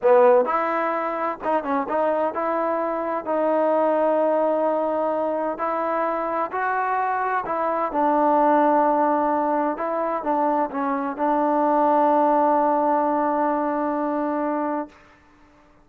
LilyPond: \new Staff \with { instrumentName = "trombone" } { \time 4/4 \tempo 4 = 129 b4 e'2 dis'8 cis'8 | dis'4 e'2 dis'4~ | dis'1 | e'2 fis'2 |
e'4 d'2.~ | d'4 e'4 d'4 cis'4 | d'1~ | d'1 | }